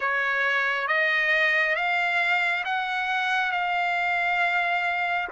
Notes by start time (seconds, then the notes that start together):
0.00 C#5
0.87 D#5
1.75 F5
2.64 F#5
3.51 F5